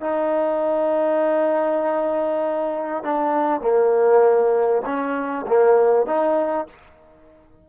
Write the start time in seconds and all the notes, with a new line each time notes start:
0.00 D#4
3.03 D4
3.61 A#3
4.85 C#4
5.47 A#3
6.06 D#4